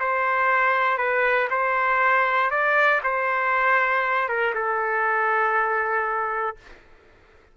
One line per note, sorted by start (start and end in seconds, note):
0.00 0.98 C5
0.98 1.49 B4
1.50 2.51 C5
2.51 3.01 D5
3.04 4.29 C5
4.29 4.54 A#4
4.55 6.57 A4